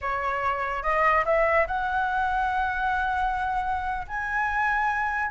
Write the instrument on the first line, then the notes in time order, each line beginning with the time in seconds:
flute
0.01 C#5
0.82 D#5
1.25 E5
1.67 F#5
4.07 G#5